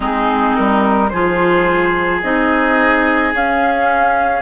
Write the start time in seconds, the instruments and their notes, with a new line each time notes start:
0.00 bassoon G#3, clarinet C4, oboe D#4, flute G#4
0.56 bassoon G3, flute A#4
1.09 bassoon F3, clarinet F4, oboe G#4, flute C5
2.22 bassoon C4, clarinet D#4, flute D#5
3.33 bassoon C#4, clarinet C#4, flute F5